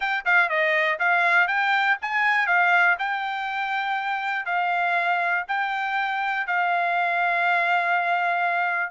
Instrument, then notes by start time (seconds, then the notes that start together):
trumpet
0.00 G5
0.25 F5
0.49 D#5
0.99 F5
1.47 G5
2.01 G#5
2.47 F5
2.98 G5
4.45 F5
5.48 G5
6.46 F5